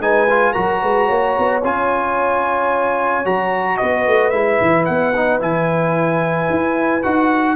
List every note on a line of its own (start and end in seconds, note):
0.00 0.54 G#3
0.00 0.28 D#4
0.00 0.53 B4
0.00 0.53 G#5
0.30 0.55 F4
0.53 0.83 F#3
0.53 1.63 F#4
0.53 0.80 A#4
0.53 1.61 A#5
0.82 1.10 G#3
0.82 1.06 B4
1.06 1.37 A#3
1.06 3.77 C#5
1.39 1.64 B3
1.64 3.26 C#4
1.64 3.25 F4
1.64 3.27 G#5
3.25 3.80 F#3
3.25 4.33 F#4
3.25 3.78 A#5
3.78 4.08 B3
3.78 7.57 B4
3.78 4.30 D#5
4.08 4.33 A3
4.30 4.60 G#3
4.30 5.14 E4
4.30 4.84 E5
4.62 4.89 E3
4.86 5.41 B3
4.86 5.40 F#5
5.16 5.40 D#4
5.40 6.49 E3
5.40 7.03 E4
5.40 7.03 G#5
6.50 7.04 E4
7.03 7.57 D#4
7.03 7.57 F#4
7.03 7.57 F#5